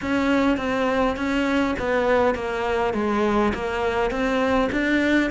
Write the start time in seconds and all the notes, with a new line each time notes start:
0.01 C#4
0.57 C4
1.16 C#4
1.79 B3
2.34 A#3
2.93 G#3
3.53 A#3
4.10 C4
4.71 D4